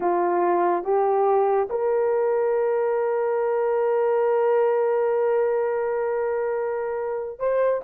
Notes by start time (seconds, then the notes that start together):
0.00 F4
0.83 G4
1.69 A#4
7.39 C5